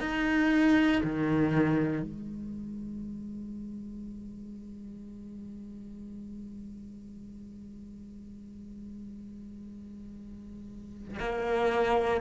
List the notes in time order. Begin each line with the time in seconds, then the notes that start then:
0.00 D#4
1.03 D#3
2.02 G#3
11.19 A#3